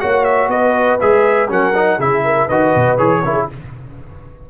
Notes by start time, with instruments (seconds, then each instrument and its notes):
0.00 tuba A#3, trombone F#4, horn C#5, trumpet F#5
0.24 trumpet E5
0.48 tuba B3, horn B4, trumpet D#5
1.01 tuba G#3, trombone G#4, trumpet E5
1.49 tuba F#3, trombone C#4, horn A#4, trumpet F#5
1.75 trombone D#4
1.98 tuba C#3, trombone E4, horn G#4, trumpet E5
2.24 horn A#4
2.47 tuba D#3, trombone F#4, horn B4, trumpet D#5
2.75 tuba B2
2.98 tuba E3, trombone G#4, trumpet C#5
3.23 tuba C#3, trombone E4, horn A#4
3.34 horn G#4